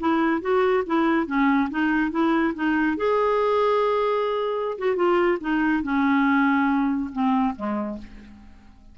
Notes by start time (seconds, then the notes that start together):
0.00 E4
0.41 F#4
0.86 E4
1.27 C#4
1.70 D#4
2.11 E4
2.55 D#4
2.97 G#4
4.79 F#4
4.96 F4
5.41 D#4
5.83 C#4
7.13 C4
7.56 G#3